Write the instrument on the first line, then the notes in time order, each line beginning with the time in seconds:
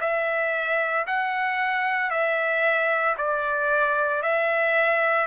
trumpet
0.00 E5
1.07 F#5
2.10 E5
3.17 D5
4.22 E5